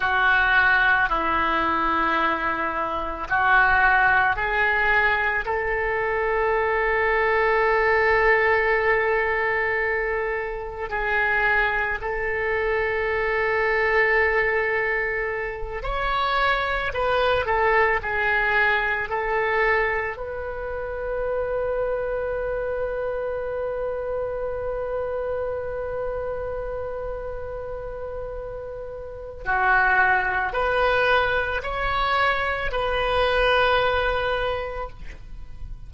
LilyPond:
\new Staff \with { instrumentName = "oboe" } { \time 4/4 \tempo 4 = 55 fis'4 e'2 fis'4 | gis'4 a'2.~ | a'2 gis'4 a'4~ | a'2~ a'8 cis''4 b'8 |
a'8 gis'4 a'4 b'4.~ | b'1~ | b'2. fis'4 | b'4 cis''4 b'2 | }